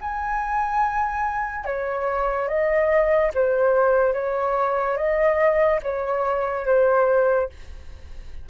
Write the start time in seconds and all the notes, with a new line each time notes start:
0.00 G#5
1.65 C#5
2.48 D#5
3.34 C5
4.13 C#5
4.97 D#5
5.82 C#5
6.66 C5